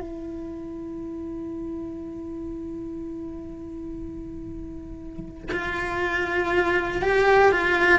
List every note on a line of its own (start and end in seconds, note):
0.00 5.50 E4
5.52 7.02 F4
7.02 7.51 G4
7.51 7.99 F4